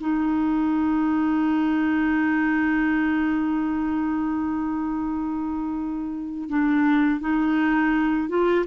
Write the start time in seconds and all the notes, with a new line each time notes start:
0.00 D#4
6.49 D4
7.20 D#4
8.29 F4